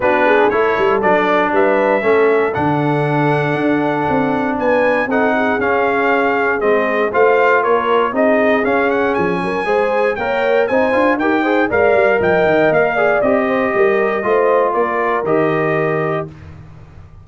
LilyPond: <<
  \new Staff \with { instrumentName = "trumpet" } { \time 4/4 \tempo 4 = 118 b'4 cis''4 d''4 e''4~ | e''4 fis''2.~ | fis''4 gis''4 fis''4 f''4~ | f''4 dis''4 f''4 cis''4 |
dis''4 f''8 fis''8 gis''2 | g''4 gis''4 g''4 f''4 | g''4 f''4 dis''2~ | dis''4 d''4 dis''2 | }
  \new Staff \with { instrumentName = "horn" } { \time 4/4 fis'8 gis'8 a'2 b'4 | a'1~ | a'4 b'4 a'8 gis'4.~ | gis'2 c''4 ais'4 |
gis'2~ gis'8 ais'8 c''4 | cis''4 c''4 ais'8 c''8 d''4 | dis''4. d''4 c''8 ais'4 | c''4 ais'2. | }
  \new Staff \with { instrumentName = "trombone" } { \time 4/4 d'4 e'4 d'2 | cis'4 d'2.~ | d'2 dis'4 cis'4~ | cis'4 c'4 f'2 |
dis'4 cis'2 gis'4 | ais'4 dis'8 f'8 g'8 gis'8 ais'4~ | ais'4. gis'8 g'2 | f'2 g'2 | }
  \new Staff \with { instrumentName = "tuba" } { \time 4/4 b4 a8 g8 fis4 g4 | a4 d2 d'4 | c'4 b4 c'4 cis'4~ | cis'4 gis4 a4 ais4 |
c'4 cis'4 f8 fis8 gis4 | ais4 c'8 d'8 dis'4 gis8 g8 | f8 dis8 ais4 c'4 g4 | a4 ais4 dis2 | }
>>